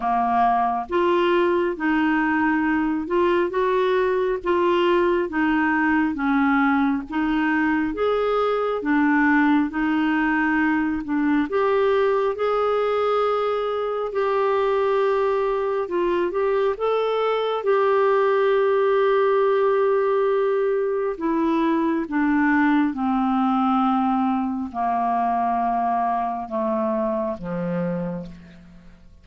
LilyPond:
\new Staff \with { instrumentName = "clarinet" } { \time 4/4 \tempo 4 = 68 ais4 f'4 dis'4. f'8 | fis'4 f'4 dis'4 cis'4 | dis'4 gis'4 d'4 dis'4~ | dis'8 d'8 g'4 gis'2 |
g'2 f'8 g'8 a'4 | g'1 | e'4 d'4 c'2 | ais2 a4 f4 | }